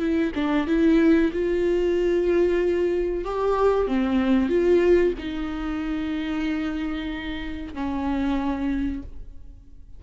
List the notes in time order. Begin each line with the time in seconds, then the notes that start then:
0.00 E4
0.35 D4
0.67 E4
1.33 F4
3.25 G4
3.88 C4
4.50 F4
5.18 D#4
7.74 C#4